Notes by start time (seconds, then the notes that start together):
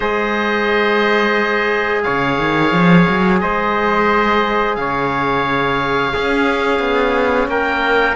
0.00 G#3 G#4 C5 D#5
2.02 C#3 C#5 F5
2.38 D#3
2.72 F3
3.08 F#3
3.40 G#3 C5 D#5
4.75 C#3 C#5 F5
6.12 C#4 G#4
6.79 B3
7.47 A#3 A#4 G5